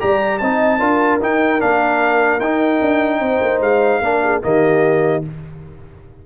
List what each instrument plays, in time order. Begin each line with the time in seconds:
0.00 tuba G3, trombone G4, horn D5, trumpet A#5
0.39 tuba C4, trombone D#4, horn D#5, trumpet A5
0.79 tuba D4, trombone F4, horn A#4
1.22 trombone D#4, tuba D#4, trumpet G5
1.60 tuba A#3, trombone D4, trumpet F5
2.40 tuba D#4, trombone D#4, trumpet G5
2.82 tuba D4
3.20 tuba C4, horn C5
3.42 tuba A#3
3.61 tuba G#3, trumpet F5
4.02 tuba A#3, trombone D4, horn A#4
4.24 horn G#4
4.42 tuba D#3, trombone A#3, horn G4, trumpet D#5